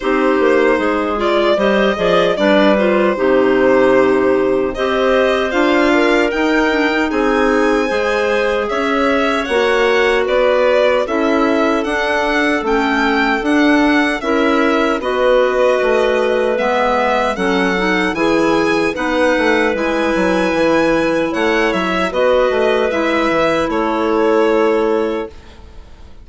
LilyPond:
<<
  \new Staff \with { instrumentName = "violin" } { \time 4/4 \tempo 4 = 76 c''4. d''8 dis''4 d''8 c''8~ | c''2 dis''4 f''4 | g''4 gis''2 e''4 | fis''4 d''4 e''4 fis''4 |
g''4 fis''4 e''4 dis''4~ | dis''4 e''4 fis''4 gis''4 | fis''4 gis''2 fis''8 e''8 | dis''4 e''4 cis''2 | }
  \new Staff \with { instrumentName = "clarinet" } { \time 4/4 g'4 gis'4 c''8 d''8 b'4 | g'2 c''4. ais'8~ | ais'4 gis'4 c''4 cis''4~ | cis''4 b'4 a'2~ |
a'2 ais'4 b'4~ | b'2 a'4 gis'4 | b'2. cis''4 | b'2 a'2 | }
  \new Staff \with { instrumentName = "clarinet" } { \time 4/4 dis'4. f'8 g'8 gis'8 d'8 f'8 | dis'2 g'4 f'4 | dis'8 d'16 dis'4~ dis'16 gis'2 | fis'2 e'4 d'4 |
cis'4 d'4 e'4 fis'4~ | fis'4 b4 cis'8 dis'8 e'4 | dis'4 e'2. | fis'4 e'2. | }
  \new Staff \with { instrumentName = "bassoon" } { \time 4/4 c'8 ais8 gis4 g8 f8 g4 | c2 c'4 d'4 | dis'4 c'4 gis4 cis'4 | ais4 b4 cis'4 d'4 |
a4 d'4 cis'4 b4 | a4 gis4 fis4 e4 | b8 a8 gis8 fis8 e4 a8 fis8 | b8 a8 gis8 e8 a2 | }
>>